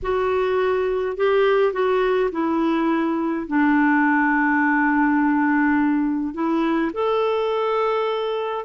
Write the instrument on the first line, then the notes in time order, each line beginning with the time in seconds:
clarinet
0.02 F#4
1.16 G4
1.72 F#4
2.31 E4
3.47 D4
6.34 E4
6.93 A4